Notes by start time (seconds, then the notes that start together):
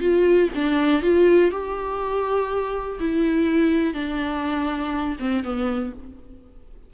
0.00 F4
0.55 D4
1.02 F4
1.51 G4
2.99 E4
3.93 D4
5.19 C4
5.44 B3